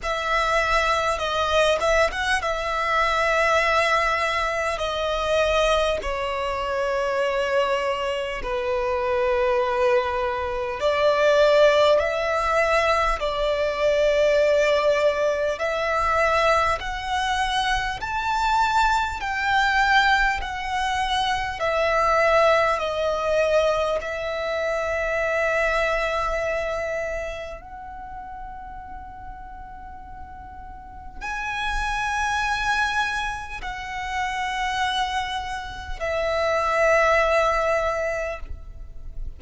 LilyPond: \new Staff \with { instrumentName = "violin" } { \time 4/4 \tempo 4 = 50 e''4 dis''8 e''16 fis''16 e''2 | dis''4 cis''2 b'4~ | b'4 d''4 e''4 d''4~ | d''4 e''4 fis''4 a''4 |
g''4 fis''4 e''4 dis''4 | e''2. fis''4~ | fis''2 gis''2 | fis''2 e''2 | }